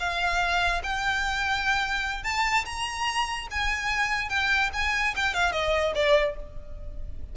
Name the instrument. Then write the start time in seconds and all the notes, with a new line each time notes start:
violin
0.00 F5
0.84 G5
2.24 A5
2.66 A#5
3.51 G#5
4.29 G5
4.74 G#5
5.16 G5
5.35 F5
5.52 D#5
5.95 D5